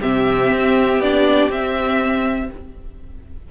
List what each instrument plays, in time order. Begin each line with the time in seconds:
0.00 cello C3, viola C4, violin G4 E5
0.52 cello C4
0.99 cello B3, viola D4, violin D5
1.50 cello C4, viola C4, violin E5